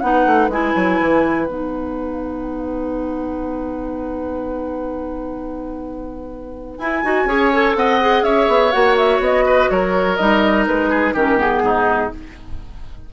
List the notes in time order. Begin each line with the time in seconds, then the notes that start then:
0.00 B3 D#4 B4 F#5
0.26 A3
0.48 G#3 E4 G#5
0.76 F#3
1.00 E3
1.46 B3 D#4 F#5
6.78 E4 G#5
7.04 D#4 F#4
7.25 C#4 G#4 C#5
7.53 A4
7.75 C4 D#5 F#5
8.01 G#4
8.22 C#4 C#5 E5
8.48 B3
8.71 A#3 F#4 F#5
8.97 E5
9.19 B3 D#5
9.46 B4
9.70 F#3 A#4 C#5
10.17 G3 D#4 D#5
10.67 G#3 B4
10.90 G#4
11.14 D#3 C#4 G4 A#4
11.37 B3 G#4
11.62 G#2 D#4